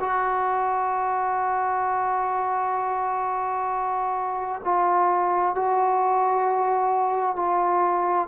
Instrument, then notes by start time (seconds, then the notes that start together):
trombone
0.00 F#4
4.64 F4
5.55 F#4
7.36 F4